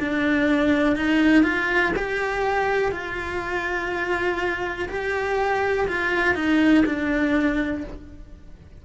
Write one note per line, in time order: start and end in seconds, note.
0.00 0.96 D4
0.96 1.44 D#4
1.44 1.93 F4
1.96 2.92 G4
2.92 4.89 F4
4.89 5.87 G4
5.88 6.35 F4
6.35 6.85 D#4
6.86 7.84 D4